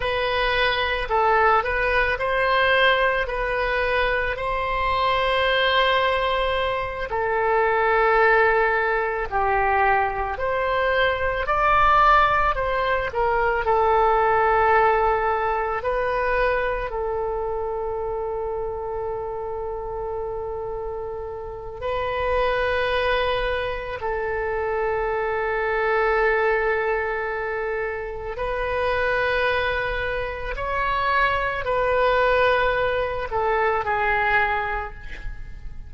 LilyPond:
\new Staff \with { instrumentName = "oboe" } { \time 4/4 \tempo 4 = 55 b'4 a'8 b'8 c''4 b'4 | c''2~ c''8 a'4.~ | a'8 g'4 c''4 d''4 c''8 | ais'8 a'2 b'4 a'8~ |
a'1 | b'2 a'2~ | a'2 b'2 | cis''4 b'4. a'8 gis'4 | }